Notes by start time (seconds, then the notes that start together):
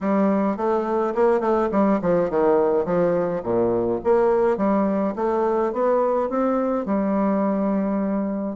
0.01 G3
0.56 A3
1.14 A#3
1.40 A3
1.71 G3
2.01 F3
2.30 D#3
2.85 F3
3.43 A#2
4.04 A#3
4.57 G3
5.15 A3
5.72 B3
6.29 C4
6.85 G3